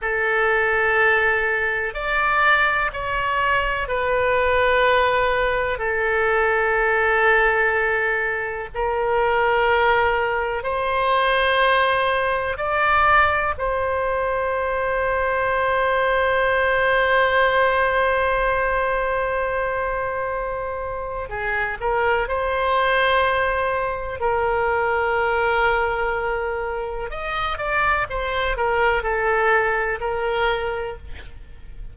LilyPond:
\new Staff \with { instrumentName = "oboe" } { \time 4/4 \tempo 4 = 62 a'2 d''4 cis''4 | b'2 a'2~ | a'4 ais'2 c''4~ | c''4 d''4 c''2~ |
c''1~ | c''2 gis'8 ais'8 c''4~ | c''4 ais'2. | dis''8 d''8 c''8 ais'8 a'4 ais'4 | }